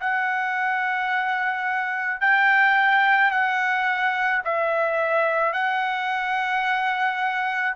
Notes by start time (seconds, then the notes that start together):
0.00 F#5
2.20 G5
3.31 F#5
4.44 E5
5.53 F#5